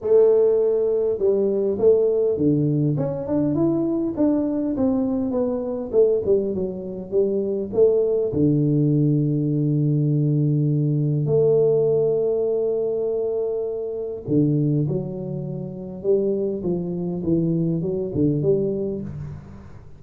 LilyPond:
\new Staff \with { instrumentName = "tuba" } { \time 4/4 \tempo 4 = 101 a2 g4 a4 | d4 cis'8 d'8 e'4 d'4 | c'4 b4 a8 g8 fis4 | g4 a4 d2~ |
d2. a4~ | a1 | d4 fis2 g4 | f4 e4 fis8 d8 g4 | }